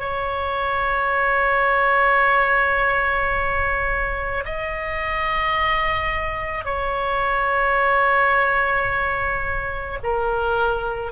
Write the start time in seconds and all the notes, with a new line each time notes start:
0.00 C#5
4.46 D#5
6.65 C#5
10.04 A#4